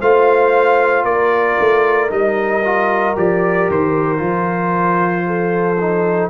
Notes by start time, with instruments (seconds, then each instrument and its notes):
0.00 tuba A3, trombone F4, horn C5, trumpet F5
1.04 tuba A#3, horn A#4, trumpet D5
1.60 tuba A3
2.10 tuba G3, trombone D#4, trumpet D#5
2.65 trombone F4
3.16 tuba F3, trombone G4, trumpet D5
3.71 tuba D#3, trumpet C5
4.18 tuba F3, trombone F4
5.27 horn A4
5.81 trombone D#4